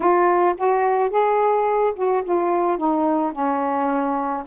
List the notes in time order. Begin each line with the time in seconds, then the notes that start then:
0.00 F4
0.57 F#4
1.10 G#4
1.95 F#4
2.23 F4
2.77 D#4
3.32 C#4